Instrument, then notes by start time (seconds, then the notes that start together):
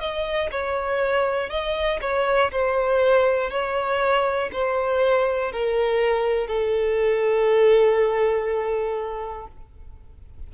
violin
0.00 D#5
0.51 C#5
1.50 D#5
2.01 C#5
2.51 C5
3.50 C#5
4.52 C5
5.52 A#4
6.47 A4